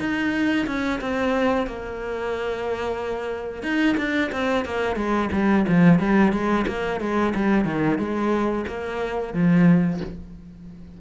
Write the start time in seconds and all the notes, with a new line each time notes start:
0.00 D#4
0.67 C#4
1.01 C4
1.67 A#3
3.63 D#4
3.98 D4
4.32 C4
4.65 A#3
4.96 G#3
5.32 G3
5.68 F3
6.00 G3
6.32 G#3
6.67 A#3
7.01 G#3
7.35 G3
7.65 D#3
7.98 G#3
8.68 A#3
9.34 F3